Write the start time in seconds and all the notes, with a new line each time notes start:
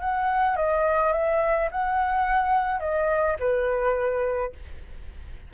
0.00 F#5
0.56 D#5
1.13 E5
1.71 F#5
2.80 D#5
3.39 B4